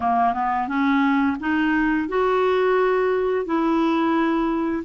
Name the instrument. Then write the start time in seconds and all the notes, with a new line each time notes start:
clarinet
0.00 A#3
0.33 B3
0.67 C#4
1.39 D#4
2.08 F#4
3.45 E4